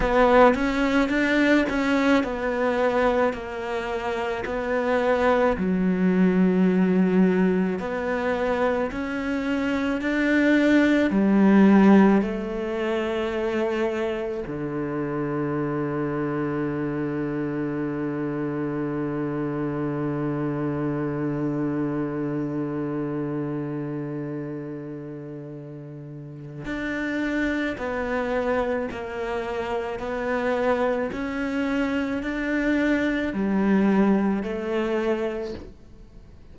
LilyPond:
\new Staff \with { instrumentName = "cello" } { \time 4/4 \tempo 4 = 54 b8 cis'8 d'8 cis'8 b4 ais4 | b4 fis2 b4 | cis'4 d'4 g4 a4~ | a4 d2.~ |
d1~ | d1 | d'4 b4 ais4 b4 | cis'4 d'4 g4 a4 | }